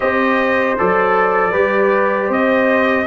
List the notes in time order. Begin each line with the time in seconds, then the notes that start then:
0.00 C4 G4 C5 D#5
0.77 F#3 A4 D5
1.51 G3 G4 B4
2.27 C4 C5 D#5